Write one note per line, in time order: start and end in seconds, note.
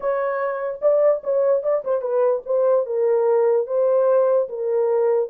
0.00 0.80 C#5
0.81 1.22 D5
1.23 1.63 C#5
1.63 1.83 D5
1.84 2.01 C5
2.01 2.42 B4
2.45 2.86 C5
2.86 3.66 A#4
3.66 4.48 C5
4.48 5.29 A#4